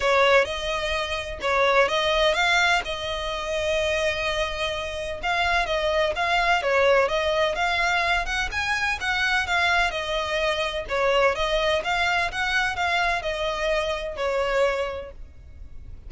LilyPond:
\new Staff \with { instrumentName = "violin" } { \time 4/4 \tempo 4 = 127 cis''4 dis''2 cis''4 | dis''4 f''4 dis''2~ | dis''2. f''4 | dis''4 f''4 cis''4 dis''4 |
f''4. fis''8 gis''4 fis''4 | f''4 dis''2 cis''4 | dis''4 f''4 fis''4 f''4 | dis''2 cis''2 | }